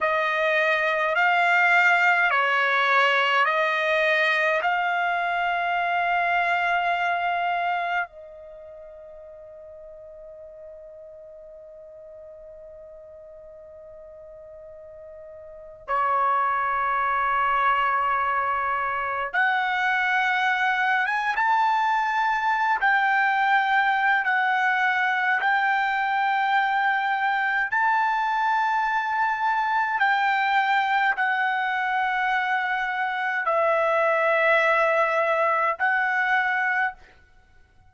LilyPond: \new Staff \with { instrumentName = "trumpet" } { \time 4/4 \tempo 4 = 52 dis''4 f''4 cis''4 dis''4 | f''2. dis''4~ | dis''1~ | dis''4.~ dis''16 cis''2~ cis''16~ |
cis''8. fis''4. gis''16 a''4~ a''16 g''16~ | g''4 fis''4 g''2 | a''2 g''4 fis''4~ | fis''4 e''2 fis''4 | }